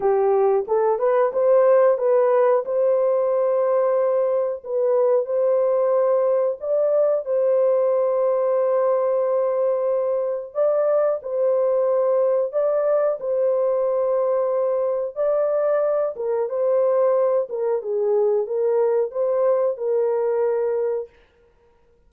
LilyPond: \new Staff \with { instrumentName = "horn" } { \time 4/4 \tempo 4 = 91 g'4 a'8 b'8 c''4 b'4 | c''2. b'4 | c''2 d''4 c''4~ | c''1 |
d''4 c''2 d''4 | c''2. d''4~ | d''8 ais'8 c''4. ais'8 gis'4 | ais'4 c''4 ais'2 | }